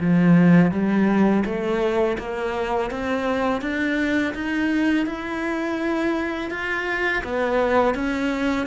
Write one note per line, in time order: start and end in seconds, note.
0.00 0.71 F3
0.71 1.43 G3
1.45 2.17 A3
2.18 2.90 A#3
2.90 3.61 C4
3.61 4.34 D4
4.34 5.06 D#4
5.06 6.51 E4
6.51 7.23 F4
7.24 7.94 B3
7.94 8.66 C#4